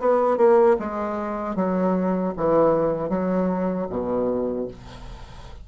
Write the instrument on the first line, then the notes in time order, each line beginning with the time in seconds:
bassoon
0.00 B3
0.38 A#3
0.79 G#3
1.56 F#3
2.37 E3
3.10 F#3
3.90 B2